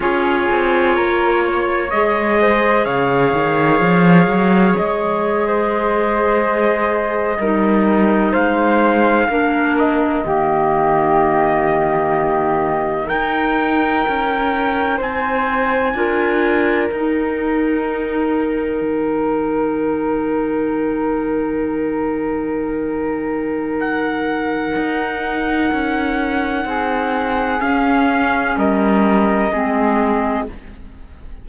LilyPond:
<<
  \new Staff \with { instrumentName = "trumpet" } { \time 4/4 \tempo 4 = 63 cis''2 dis''4 f''4~ | f''4 dis''2.~ | dis''8. f''4. dis''4.~ dis''16~ | dis''4.~ dis''16 g''2 gis''16~ |
gis''4.~ gis''16 g''2~ g''16~ | g''1~ | g''4 fis''2.~ | fis''4 f''4 dis''2 | }
  \new Staff \with { instrumentName = "flute" } { \time 4/4 gis'4 ais'8 cis''4 c''8 cis''4~ | cis''4.~ cis''16 c''2 ais'16~ | ais'8. c''4 ais'4 g'4~ g'16~ | g'4.~ g'16 ais'2 c''16~ |
c''8. ais'2.~ ais'16~ | ais'1~ | ais'1 | gis'2 ais'4 gis'4 | }
  \new Staff \with { instrumentName = "clarinet" } { \time 4/4 f'2 gis'2~ | gis'2.~ gis'8. dis'16~ | dis'4.~ dis'16 d'4 ais4~ ais16~ | ais4.~ ais16 dis'2~ dis'16~ |
dis'8. f'4 dis'2~ dis'16~ | dis'1~ | dis'1~ | dis'4 cis'2 c'4 | }
  \new Staff \with { instrumentName = "cello" } { \time 4/4 cis'8 c'8 ais4 gis4 cis8 dis8 | f8 fis8 gis2~ gis8. g16~ | g8. gis4 ais4 dis4~ dis16~ | dis4.~ dis16 dis'4 cis'4 c'16~ |
c'8. d'4 dis'2 dis16~ | dis1~ | dis2 dis'4 cis'4 | c'4 cis'4 g4 gis4 | }
>>